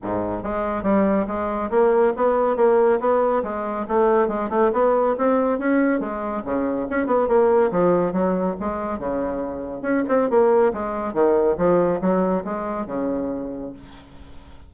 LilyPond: \new Staff \with { instrumentName = "bassoon" } { \time 4/4 \tempo 4 = 140 gis,4 gis4 g4 gis4 | ais4 b4 ais4 b4 | gis4 a4 gis8 a8 b4 | c'4 cis'4 gis4 cis4 |
cis'8 b8 ais4 f4 fis4 | gis4 cis2 cis'8 c'8 | ais4 gis4 dis4 f4 | fis4 gis4 cis2 | }